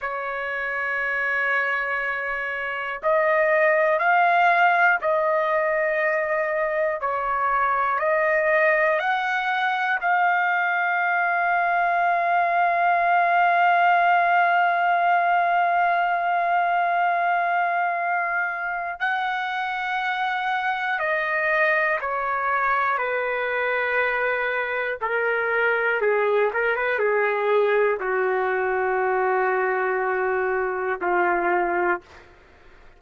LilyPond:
\new Staff \with { instrumentName = "trumpet" } { \time 4/4 \tempo 4 = 60 cis''2. dis''4 | f''4 dis''2 cis''4 | dis''4 fis''4 f''2~ | f''1~ |
f''2. fis''4~ | fis''4 dis''4 cis''4 b'4~ | b'4 ais'4 gis'8 ais'16 b'16 gis'4 | fis'2. f'4 | }